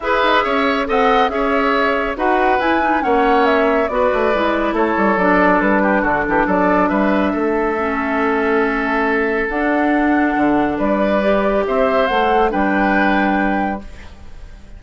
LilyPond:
<<
  \new Staff \with { instrumentName = "flute" } { \time 4/4 \tempo 4 = 139 e''2 fis''4 e''4~ | e''4 fis''4 gis''4 fis''4 | e''4 d''2 cis''4 | d''4 b'4 a'4 d''4 |
e''1~ | e''2 fis''2~ | fis''4 d''2 e''4 | fis''4 g''2. | }
  \new Staff \with { instrumentName = "oboe" } { \time 4/4 b'4 cis''4 dis''4 cis''4~ | cis''4 b'2 cis''4~ | cis''4 b'2 a'4~ | a'4. g'8 fis'8 g'8 a'4 |
b'4 a'2.~ | a'1~ | a'4 b'2 c''4~ | c''4 b'2. | }
  \new Staff \with { instrumentName = "clarinet" } { \time 4/4 gis'2 a'4 gis'4~ | gis'4 fis'4 e'8 dis'8 cis'4~ | cis'4 fis'4 e'2 | d'1~ |
d'2 cis'2~ | cis'2 d'2~ | d'2 g'2 | a'4 d'2. | }
  \new Staff \with { instrumentName = "bassoon" } { \time 4/4 e'8 dis'8 cis'4 c'4 cis'4~ | cis'4 dis'4 e'4 ais4~ | ais4 b8 a8 gis4 a8 g8 | fis4 g4 d8 e8 fis4 |
g4 a2.~ | a2 d'2 | d4 g2 c'4 | a4 g2. | }
>>